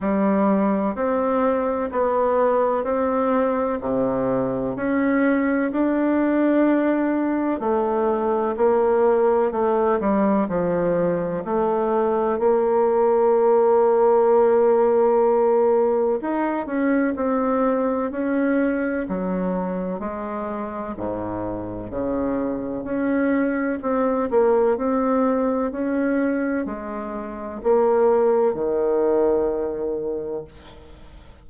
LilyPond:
\new Staff \with { instrumentName = "bassoon" } { \time 4/4 \tempo 4 = 63 g4 c'4 b4 c'4 | c4 cis'4 d'2 | a4 ais4 a8 g8 f4 | a4 ais2.~ |
ais4 dis'8 cis'8 c'4 cis'4 | fis4 gis4 gis,4 cis4 | cis'4 c'8 ais8 c'4 cis'4 | gis4 ais4 dis2 | }